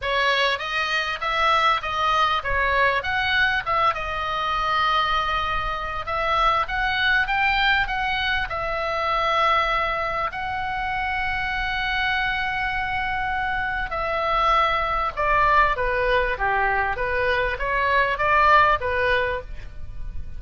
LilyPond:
\new Staff \with { instrumentName = "oboe" } { \time 4/4 \tempo 4 = 99 cis''4 dis''4 e''4 dis''4 | cis''4 fis''4 e''8 dis''4.~ | dis''2 e''4 fis''4 | g''4 fis''4 e''2~ |
e''4 fis''2.~ | fis''2. e''4~ | e''4 d''4 b'4 g'4 | b'4 cis''4 d''4 b'4 | }